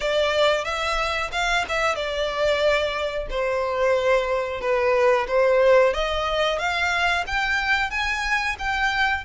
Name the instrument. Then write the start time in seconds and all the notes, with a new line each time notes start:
violin
0.00 D5
0.64 E5
1.32 F5
1.68 E5
1.95 D5
3.30 C5
4.61 B4
5.27 C5
5.93 D#5
6.58 F5
7.26 G5
7.90 G#5
8.59 G5